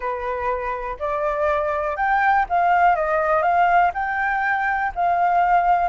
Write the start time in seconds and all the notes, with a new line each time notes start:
0.00 B4
0.99 D5
1.96 G5
2.49 F5
2.95 D#5
3.42 F5
3.93 G5
4.95 F5